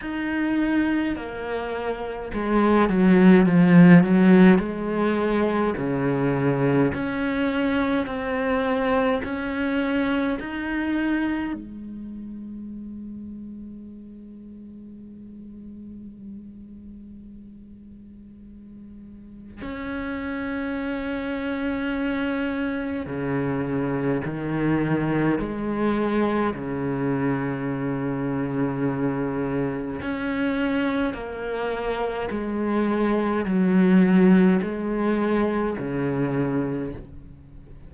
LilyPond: \new Staff \with { instrumentName = "cello" } { \time 4/4 \tempo 4 = 52 dis'4 ais4 gis8 fis8 f8 fis8 | gis4 cis4 cis'4 c'4 | cis'4 dis'4 gis2~ | gis1~ |
gis4 cis'2. | cis4 dis4 gis4 cis4~ | cis2 cis'4 ais4 | gis4 fis4 gis4 cis4 | }